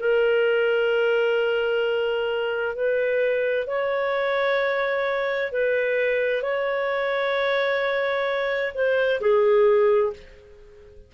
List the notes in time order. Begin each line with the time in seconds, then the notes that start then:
0.00 A#4
2.76 B4
3.68 C#5
5.52 B4
6.43 C#5
8.75 C5
9.21 G#4